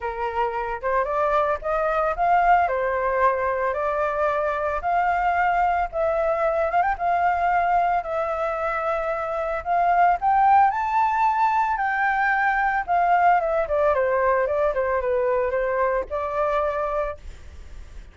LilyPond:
\new Staff \with { instrumentName = "flute" } { \time 4/4 \tempo 4 = 112 ais'4. c''8 d''4 dis''4 | f''4 c''2 d''4~ | d''4 f''2 e''4~ | e''8 f''16 g''16 f''2 e''4~ |
e''2 f''4 g''4 | a''2 g''2 | f''4 e''8 d''8 c''4 d''8 c''8 | b'4 c''4 d''2 | }